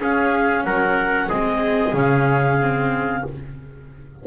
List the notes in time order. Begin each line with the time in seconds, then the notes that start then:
0.00 C#4 G#4 F5
0.65 F#3 A#4 F#5
1.29 G#3 C4 G#4 D#5
1.93 C#3 C#4 F5
2.61 C4